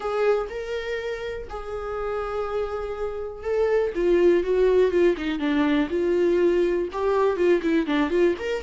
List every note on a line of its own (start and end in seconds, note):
0.00 0.47 G#4
0.49 1.48 A#4
1.49 3.43 G#4
3.43 3.92 A4
3.94 4.43 F4
4.43 4.91 F#4
4.91 5.15 F4
5.17 5.39 D#4
5.39 5.88 D4
5.89 6.88 F4
6.92 7.36 G4
7.36 7.61 F4
7.62 7.86 E4
7.86 8.10 D4
8.10 8.34 F4
8.39 8.62 A#4